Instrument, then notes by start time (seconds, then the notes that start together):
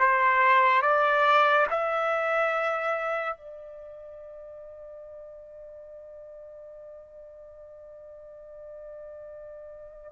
trumpet
0.00 C5
0.83 D5
1.71 E5
3.37 D5